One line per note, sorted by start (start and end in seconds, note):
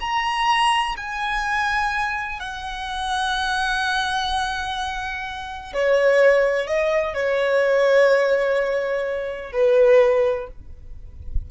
0.00 0.95 A#5
0.97 2.39 G#5
2.39 5.73 F#5
5.73 6.67 C#5
6.67 7.14 D#5
7.14 9.52 C#5
9.52 10.48 B4